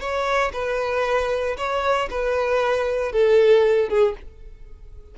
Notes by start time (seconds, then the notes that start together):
0.00 C#5
0.53 B4
1.57 C#5
2.10 B4
3.12 A4
3.89 G#4